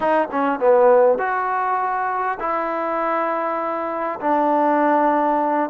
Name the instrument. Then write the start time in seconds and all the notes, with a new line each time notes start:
trombone
0.00 D#4
0.31 C#4
0.59 B3
1.18 F#4
2.39 E4
4.20 D4